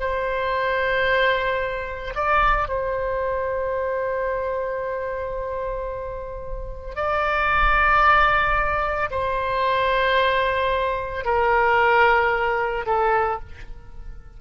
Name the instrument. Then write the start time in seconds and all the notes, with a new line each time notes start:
oboe
0.00 C5
2.15 D5
2.68 C5
6.96 D5
9.11 C5
11.25 A#4
12.86 A4